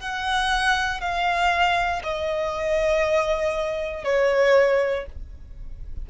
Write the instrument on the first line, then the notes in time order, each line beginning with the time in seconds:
violin
0.00 F#5
1.01 F5
2.04 D#5
4.04 C#5